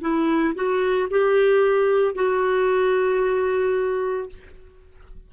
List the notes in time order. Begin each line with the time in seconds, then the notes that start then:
0.00 E4
0.54 F#4
1.10 G4
2.14 F#4